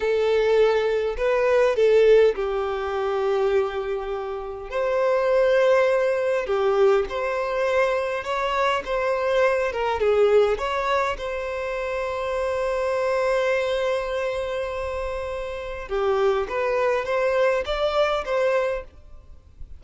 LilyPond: \new Staff \with { instrumentName = "violin" } { \time 4/4 \tempo 4 = 102 a'2 b'4 a'4 | g'1 | c''2. g'4 | c''2 cis''4 c''4~ |
c''8 ais'8 gis'4 cis''4 c''4~ | c''1~ | c''2. g'4 | b'4 c''4 d''4 c''4 | }